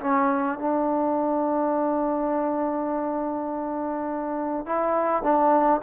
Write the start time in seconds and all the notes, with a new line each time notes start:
0.00 C#4
0.59 D4
4.65 E4
5.23 D4